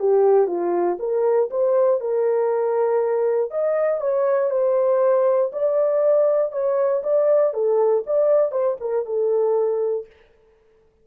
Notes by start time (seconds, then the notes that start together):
0.00 G4
0.48 F4
1.00 A#4
1.51 C5
2.01 A#4
3.51 D#5
4.01 C#5
4.51 C5
5.53 D5
6.52 C#5
7.03 D5
7.54 A4
8.07 D5
8.52 C5
8.81 A#4
9.06 A4